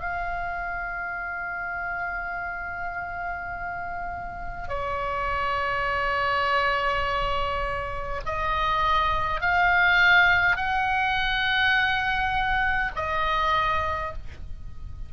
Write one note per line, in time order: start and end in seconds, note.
0.00 4.68 F5
4.68 8.21 C#5
8.26 9.41 D#5
9.41 10.56 F5
10.56 12.91 F#5
12.96 14.13 D#5